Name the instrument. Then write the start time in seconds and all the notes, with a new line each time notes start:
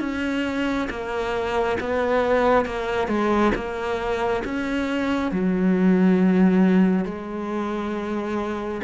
cello
0.00 C#4
0.90 A#3
1.80 B3
2.66 A#3
3.08 G#3
3.55 A#3
4.45 C#4
5.32 F#3
7.05 G#3